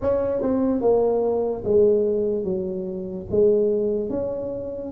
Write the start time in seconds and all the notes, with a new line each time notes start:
0.01 C#4
0.41 C4
0.81 A#3
1.64 G#3
2.44 F#3
3.30 G#3
4.09 C#4